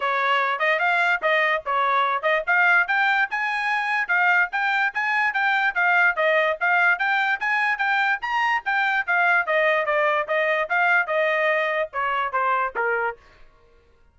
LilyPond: \new Staff \with { instrumentName = "trumpet" } { \time 4/4 \tempo 4 = 146 cis''4. dis''8 f''4 dis''4 | cis''4. dis''8 f''4 g''4 | gis''2 f''4 g''4 | gis''4 g''4 f''4 dis''4 |
f''4 g''4 gis''4 g''4 | ais''4 g''4 f''4 dis''4 | d''4 dis''4 f''4 dis''4~ | dis''4 cis''4 c''4 ais'4 | }